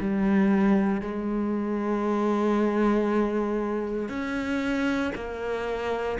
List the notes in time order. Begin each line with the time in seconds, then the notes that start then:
0.00 G3
1.01 G#3
4.09 C#4
5.15 A#3